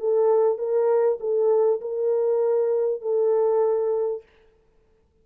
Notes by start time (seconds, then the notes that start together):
0.00 A4
0.58 A#4
1.20 A4
1.82 A#4
3.02 A4